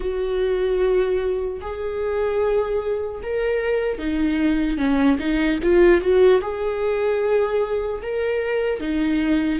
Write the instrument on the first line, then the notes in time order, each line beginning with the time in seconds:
viola
0.00 F#4
1.61 G#4
3.22 A#4
3.98 D#4
4.77 C#4
5.19 D#4
5.63 F4
6.01 F#4
6.41 G#4
8.01 A#4
8.80 D#4